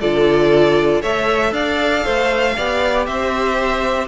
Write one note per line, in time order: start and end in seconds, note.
0.00 1.01 D3
0.00 1.03 F4
0.00 1.01 A4
0.00 1.02 D5
1.01 1.51 A3
1.01 2.56 A4
1.01 1.52 C#5
1.01 1.53 E5
1.51 2.02 D4
1.51 2.04 D5
1.51 3.06 F5
2.04 2.58 A3
2.04 2.55 C5
2.56 3.07 B3
2.56 4.08 G4
2.56 3.06 D5
3.06 4.08 C4
3.06 4.08 C5
3.06 4.07 E5